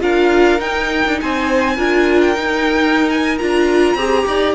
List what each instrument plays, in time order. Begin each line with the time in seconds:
0.00 cello D4, viola F4, violin A#4 F5
0.58 viola D#4, cello D#4, violin G5
1.06 cello D4
1.21 cello C4, violin C5 G#5
1.76 cello D4, viola F4, violin A#4
2.21 violin G5
2.35 viola D#4, cello D#4
3.10 violin G#5
3.38 cello D4, viola F4, violin A#5
3.95 cello C4, viola G4, violin G#4
4.27 cello D#4, violin D5